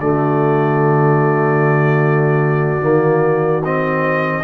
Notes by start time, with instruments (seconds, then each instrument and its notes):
0.00 tuba D3, trombone A3, horn F#4, trumpet D5
2.81 tuba D#3, trombone A#3
3.65 trombone C4, trumpet D#5